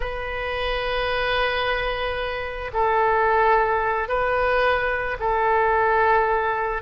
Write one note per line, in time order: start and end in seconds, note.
0.00 2.71 B4
2.73 4.08 A4
4.08 5.17 B4
5.19 6.82 A4